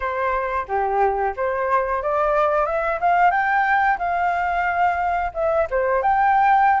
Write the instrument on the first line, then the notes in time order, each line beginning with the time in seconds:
flute
0.00 C5
0.68 G4
1.36 C5
2.02 D5
2.65 E5
3.00 F5
3.31 G5
3.98 F5
5.33 E5
5.70 C5
6.02 G5